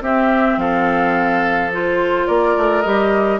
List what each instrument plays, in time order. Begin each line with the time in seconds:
0.00 clarinet C4, bassoon C4, oboe G4, flute E5
0.56 bassoon F3, oboe A4, flute F5
1.72 clarinet F4, flute C5
2.27 bassoon A#3, oboe A#4, flute D5
2.56 bassoon A3
2.81 bassoon G3, clarinet G4, flute D#5